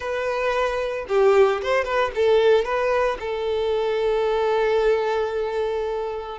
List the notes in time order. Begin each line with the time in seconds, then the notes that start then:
0.00 B4
1.08 G4
1.62 C5
1.84 B4
2.15 A4
2.64 B4
3.20 A4